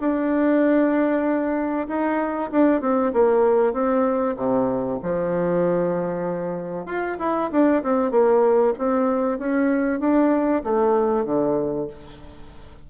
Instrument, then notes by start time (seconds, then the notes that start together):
bassoon
0.00 D4
1.88 D#4
2.51 D4
2.81 C4
3.13 A#3
3.73 C4
4.37 C3
5.03 F3
6.86 F4
7.19 E4
7.51 D4
7.83 C4
8.11 A#3
8.78 C4
9.39 C#4
10.00 D4
10.64 A3
11.25 D3